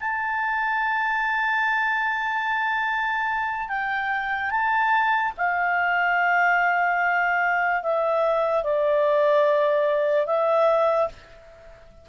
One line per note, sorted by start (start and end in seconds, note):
0.00 3.69 A5
3.69 4.51 G5
4.51 5.33 A5
5.38 7.83 F5
7.83 8.64 E5
8.64 10.27 D5
10.27 11.09 E5